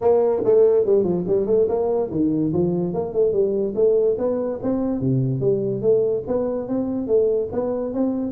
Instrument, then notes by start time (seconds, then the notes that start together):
tuba
0.01 A#3
0.44 A3
0.85 G3
1.03 F3
1.27 G3
1.46 A3
1.68 A#3
2.10 D#3
2.53 F3
2.93 A#3
3.13 A3
3.32 G3
3.75 A3
4.18 B3
4.62 C4
5.00 C3
5.40 G3
5.81 A3
6.27 B3
6.68 C4
7.07 A3
7.52 B3
7.93 C4